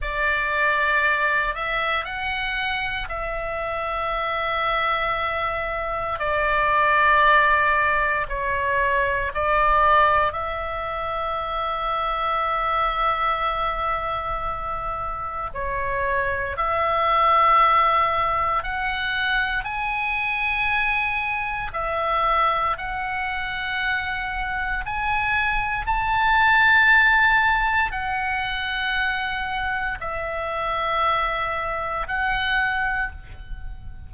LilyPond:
\new Staff \with { instrumentName = "oboe" } { \time 4/4 \tempo 4 = 58 d''4. e''8 fis''4 e''4~ | e''2 d''2 | cis''4 d''4 e''2~ | e''2. cis''4 |
e''2 fis''4 gis''4~ | gis''4 e''4 fis''2 | gis''4 a''2 fis''4~ | fis''4 e''2 fis''4 | }